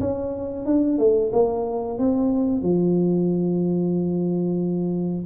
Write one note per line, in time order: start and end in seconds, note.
0.00 0.66 C#4
0.66 0.98 D4
0.98 1.31 A3
1.32 1.98 A#3
1.98 2.62 C4
2.62 5.26 F3